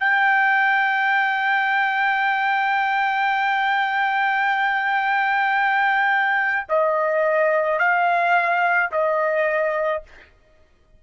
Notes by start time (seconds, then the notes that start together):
0.00 G5
6.69 D#5
7.79 F5
8.92 D#5